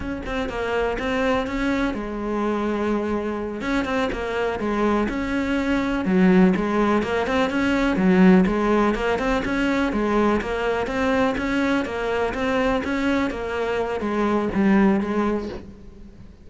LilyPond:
\new Staff \with { instrumentName = "cello" } { \time 4/4 \tempo 4 = 124 cis'8 c'8 ais4 c'4 cis'4 | gis2.~ gis8 cis'8 | c'8 ais4 gis4 cis'4.~ | cis'8 fis4 gis4 ais8 c'8 cis'8~ |
cis'8 fis4 gis4 ais8 c'8 cis'8~ | cis'8 gis4 ais4 c'4 cis'8~ | cis'8 ais4 c'4 cis'4 ais8~ | ais4 gis4 g4 gis4 | }